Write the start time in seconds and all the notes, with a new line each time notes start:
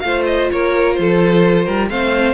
0.00 A3 F4 C5 F5
0.26 D#5
0.52 A#3 A#4 C#5
0.94 F3 C5
1.01 A4
1.65 G3 A#4
1.89 A3 C4 C5 F5